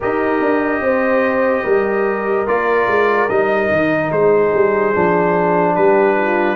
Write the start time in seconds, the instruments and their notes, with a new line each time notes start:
0.00 tuba D#4, trombone G4, horn A#4, trumpet D#5
0.41 tuba D4
0.81 tuba C4, horn C5
1.63 tuba G3, horn A#4
2.46 tuba A#3, trombone F4, trumpet D5
2.87 tuba G#3
3.29 tuba G3, trombone D#4, trumpet D#5
3.71 tuba D#3
4.10 tuba G#3, horn G#4, trumpet C5
4.53 tuba G3
4.93 tuba F3, trombone D4
5.74 tuba G3, horn G4, trumpet B4
6.17 horn F4